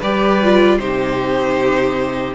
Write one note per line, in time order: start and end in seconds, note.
0.00 0.79 G3
0.00 0.42 G4
0.00 0.78 B4
0.00 0.79 D5
0.43 0.79 F4
0.79 2.35 C3
0.79 2.35 D#4
0.79 2.35 G4
0.79 2.35 C5